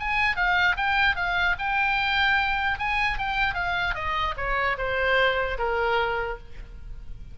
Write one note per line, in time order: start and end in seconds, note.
0.00 0.36 G#5
0.36 0.76 F5
0.77 1.16 G5
1.16 1.56 F5
1.59 2.79 G5
2.79 3.18 G#5
3.18 3.55 G5
3.55 3.95 F5
3.95 4.35 D#5
4.37 4.77 C#5
4.78 5.58 C5
5.59 6.39 A#4